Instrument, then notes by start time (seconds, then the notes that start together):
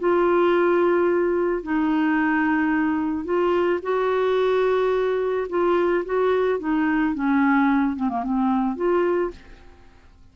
clarinet
0.00 F4
1.63 D#4
3.25 F4
3.83 F#4
5.50 F4
6.06 F#4
6.60 D#4
7.15 C#4
7.96 C4
8.10 A#3
8.23 C4
8.76 F4